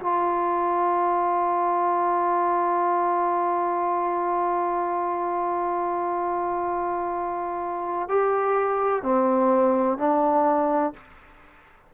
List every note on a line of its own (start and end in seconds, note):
0.00 8.09 F4
8.09 9.03 G4
9.03 9.98 C4
9.98 10.93 D4